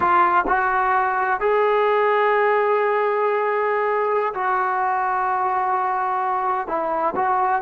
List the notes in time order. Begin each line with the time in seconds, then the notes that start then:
0.00 F4
0.47 F#4
1.40 G#4
4.34 F#4
6.67 E4
7.15 F#4